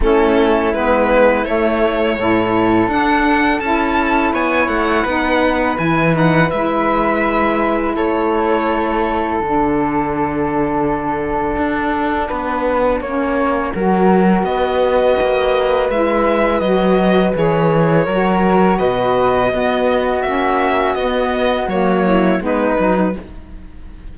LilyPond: <<
  \new Staff \with { instrumentName = "violin" } { \time 4/4 \tempo 4 = 83 a'4 b'4 cis''2 | fis''4 a''4 gis''8 fis''4. | gis''8 fis''8 e''2 cis''4~ | cis''4 fis''2.~ |
fis''1 | dis''2 e''4 dis''4 | cis''2 dis''2 | e''4 dis''4 cis''4 b'4 | }
  \new Staff \with { instrumentName = "flute" } { \time 4/4 e'2. a'4~ | a'2 cis''4 b'4~ | b'2. a'4~ | a'1~ |
a'4 b'4 cis''4 ais'4 | b'1~ | b'4 ais'4 b'4 fis'4~ | fis'2~ fis'8 e'8 dis'4 | }
  \new Staff \with { instrumentName = "saxophone" } { \time 4/4 cis'4 b4 a4 e'4 | d'4 e'2 dis'4 | e'8 dis'8 e'2.~ | e'4 d'2.~ |
d'2 cis'4 fis'4~ | fis'2 e'4 fis'4 | gis'4 fis'2 b4 | cis'4 b4 ais4 b8 dis'8 | }
  \new Staff \with { instrumentName = "cello" } { \time 4/4 a4 gis4 a4 a,4 | d'4 cis'4 b8 a8 b4 | e4 gis2 a4~ | a4 d2. |
d'4 b4 ais4 fis4 | b4 ais4 gis4 fis4 | e4 fis4 b,4 b4 | ais4 b4 fis4 gis8 fis8 | }
>>